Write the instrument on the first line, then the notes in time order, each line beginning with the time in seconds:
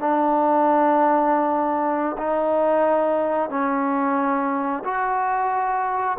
trombone
0.00 D4
2.18 D#4
3.50 C#4
4.85 F#4